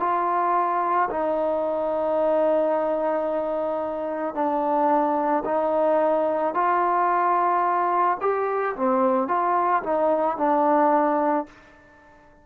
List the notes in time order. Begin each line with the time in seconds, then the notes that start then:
0.00 F4
1.10 D#4
4.34 D4
5.45 D#4
6.54 F4
8.21 G4
8.76 C4
9.28 F4
9.83 D#4
10.37 D4